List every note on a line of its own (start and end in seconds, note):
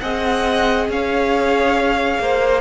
0.00 0.88 C4
0.00 2.61 G#4
0.00 0.89 D#5
0.00 0.87 F#5
0.88 2.18 C#4
0.88 2.21 C#5
0.88 2.61 F5
2.18 2.61 A#3
2.18 2.61 C5